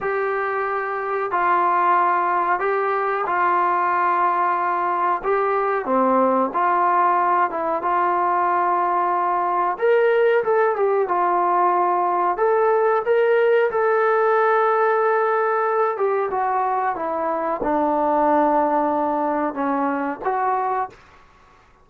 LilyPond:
\new Staff \with { instrumentName = "trombone" } { \time 4/4 \tempo 4 = 92 g'2 f'2 | g'4 f'2. | g'4 c'4 f'4. e'8 | f'2. ais'4 |
a'8 g'8 f'2 a'4 | ais'4 a'2.~ | a'8 g'8 fis'4 e'4 d'4~ | d'2 cis'4 fis'4 | }